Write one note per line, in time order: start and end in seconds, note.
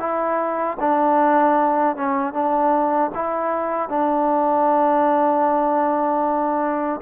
0.00 0.78 E4
0.80 1.97 D4
1.97 2.34 C#4
2.34 3.12 D4
3.15 3.89 E4
3.89 7.01 D4